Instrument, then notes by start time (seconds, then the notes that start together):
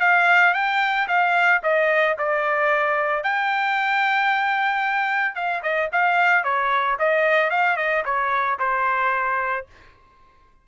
trumpet
0.00 F5
0.54 G5
1.08 F5
1.63 D#5
2.18 D5
3.23 G5
5.35 F5
5.62 D#5
5.92 F5
6.44 C#5
6.99 D#5
7.50 F5
7.77 D#5
8.05 C#5
8.59 C5